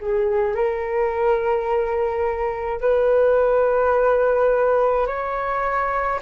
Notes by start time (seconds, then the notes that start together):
0.00 G#4
0.55 A#4
2.80 B4
5.07 C#5